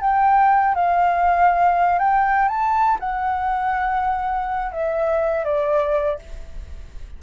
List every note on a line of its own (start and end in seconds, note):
0.00 0.74 G5
0.75 1.98 F5
1.98 2.48 G5
2.48 2.98 A5
2.99 4.72 F#5
4.72 5.44 E5
5.44 6.18 D5